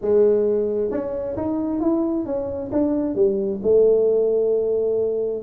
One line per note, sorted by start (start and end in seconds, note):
0.01 0.90 G#3
0.90 1.36 C#4
1.37 1.80 D#4
1.80 2.25 E4
2.25 2.70 C#4
2.71 3.15 D4
3.15 3.60 G3
3.62 5.42 A3